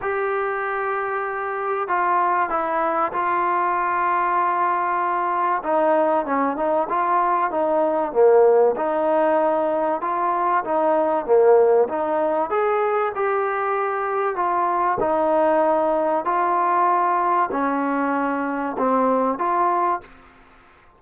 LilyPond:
\new Staff \with { instrumentName = "trombone" } { \time 4/4 \tempo 4 = 96 g'2. f'4 | e'4 f'2.~ | f'4 dis'4 cis'8 dis'8 f'4 | dis'4 ais4 dis'2 |
f'4 dis'4 ais4 dis'4 | gis'4 g'2 f'4 | dis'2 f'2 | cis'2 c'4 f'4 | }